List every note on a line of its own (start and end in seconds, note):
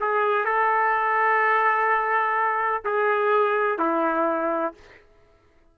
0.00 0.45 G#4
0.45 2.83 A4
2.84 3.78 G#4
3.78 4.74 E4